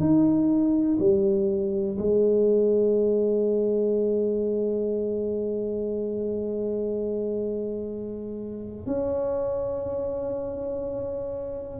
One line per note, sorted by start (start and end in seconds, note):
0.00 0.98 D#4
1.00 1.98 G3
1.99 8.87 G#3
8.87 11.80 C#4